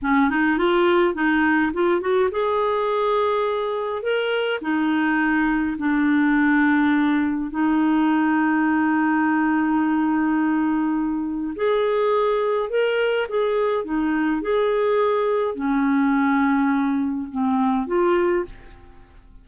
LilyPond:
\new Staff \with { instrumentName = "clarinet" } { \time 4/4 \tempo 4 = 104 cis'8 dis'8 f'4 dis'4 f'8 fis'8 | gis'2. ais'4 | dis'2 d'2~ | d'4 dis'2.~ |
dis'1 | gis'2 ais'4 gis'4 | dis'4 gis'2 cis'4~ | cis'2 c'4 f'4 | }